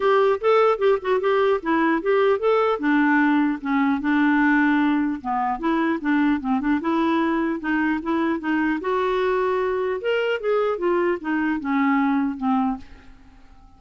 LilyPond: \new Staff \with { instrumentName = "clarinet" } { \time 4/4 \tempo 4 = 150 g'4 a'4 g'8 fis'8 g'4 | e'4 g'4 a'4 d'4~ | d'4 cis'4 d'2~ | d'4 b4 e'4 d'4 |
c'8 d'8 e'2 dis'4 | e'4 dis'4 fis'2~ | fis'4 ais'4 gis'4 f'4 | dis'4 cis'2 c'4 | }